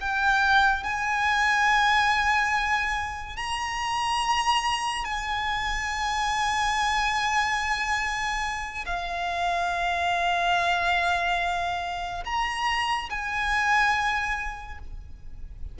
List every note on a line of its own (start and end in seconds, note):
0.00 0.83 G5
0.83 3.36 G#5
3.36 5.04 A#5
5.04 8.85 G#5
8.86 12.24 F5
12.25 13.09 A#5
13.09 14.78 G#5